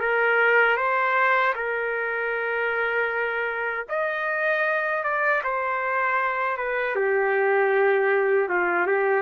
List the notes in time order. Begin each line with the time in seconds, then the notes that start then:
0.00 A#4
0.77 C5
1.55 A#4
3.88 D#5
5.03 D5
5.43 C5
6.57 B4
6.95 G4
8.48 F4
8.86 G4